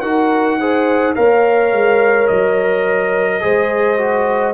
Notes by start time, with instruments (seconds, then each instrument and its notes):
0.00 tuba D#4, trombone F#4, horn A#4, trumpet F#5
0.59 trombone G#4, horn C5
1.15 tuba A#3, trombone A#4, horn C#5, trumpet F5
1.72 tuba G#3
2.27 tuba F#3, trumpet D#5
3.40 tuba G#3, trombone G#4, horn C5
3.97 trombone F#4